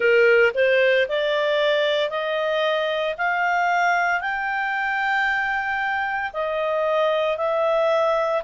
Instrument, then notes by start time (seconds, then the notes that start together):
clarinet
0.00 A#4
0.54 C5
1.08 D5
2.10 D#5
3.17 F5
4.21 G5
6.33 D#5
7.37 E5